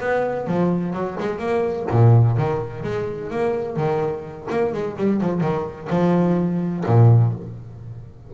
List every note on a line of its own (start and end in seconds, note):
0.00 0.47 B3
0.47 0.93 F3
0.93 1.17 F#3
1.19 1.39 G#3
1.39 1.86 A#3
1.91 2.37 A#2
2.37 2.83 D#3
2.83 3.30 G#3
3.30 3.76 A#3
3.76 4.47 D#3
4.50 4.73 A#3
4.73 4.97 G#3
4.97 5.21 G3
5.21 5.41 F3
5.41 5.88 D#3
5.90 6.84 F3
6.86 7.33 A#2